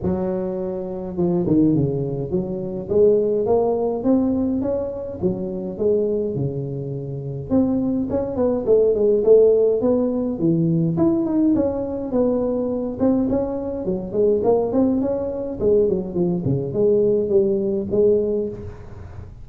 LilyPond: \new Staff \with { instrumentName = "tuba" } { \time 4/4 \tempo 4 = 104 fis2 f8 dis8 cis4 | fis4 gis4 ais4 c'4 | cis'4 fis4 gis4 cis4~ | cis4 c'4 cis'8 b8 a8 gis8 |
a4 b4 e4 e'8 dis'8 | cis'4 b4. c'8 cis'4 | fis8 gis8 ais8 c'8 cis'4 gis8 fis8 | f8 cis8 gis4 g4 gis4 | }